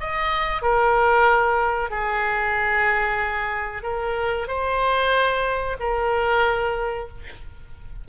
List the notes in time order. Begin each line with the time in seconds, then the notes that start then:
0.00 D#5
0.62 A#4
1.90 G#4
3.83 A#4
4.48 C5
5.80 A#4